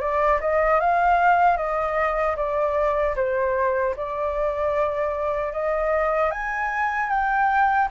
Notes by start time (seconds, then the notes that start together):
0.00 D5
0.41 D#5
0.80 F5
1.56 D#5
2.36 D5
3.16 C5
3.96 D5
5.52 D#5
6.31 G#5
7.09 G5